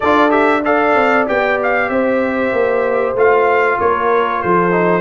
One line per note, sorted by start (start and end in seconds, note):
0.00 0.95 D4
0.00 0.29 F4
0.00 0.62 A4
0.00 0.30 D5
0.29 0.61 G4
0.29 0.62 E5
0.64 1.26 A4
0.64 1.91 D5
0.64 1.27 F5
0.95 1.27 C4
1.26 1.89 B3
1.26 3.16 G4
1.26 1.59 G5
1.62 1.89 F5
1.89 2.52 C4
1.89 3.80 C5
1.89 3.15 E5
2.52 3.14 A#3
3.14 3.78 A3
3.14 4.70 F4
3.14 3.79 F5
3.79 4.43 A#3
3.79 4.41 A#4
3.79 4.41 C#5
4.41 5.01 F3
4.41 5.01 A4
4.41 5.01 C5
4.70 5.01 D#4